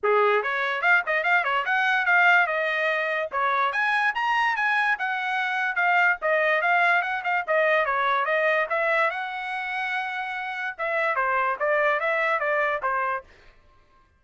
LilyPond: \new Staff \with { instrumentName = "trumpet" } { \time 4/4 \tempo 4 = 145 gis'4 cis''4 f''8 dis''8 f''8 cis''8 | fis''4 f''4 dis''2 | cis''4 gis''4 ais''4 gis''4 | fis''2 f''4 dis''4 |
f''4 fis''8 f''8 dis''4 cis''4 | dis''4 e''4 fis''2~ | fis''2 e''4 c''4 | d''4 e''4 d''4 c''4 | }